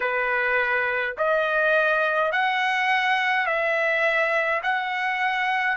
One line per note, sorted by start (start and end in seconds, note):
0.00 1.15 B4
1.17 2.31 D#5
2.31 3.46 F#5
3.46 4.62 E5
4.62 5.76 F#5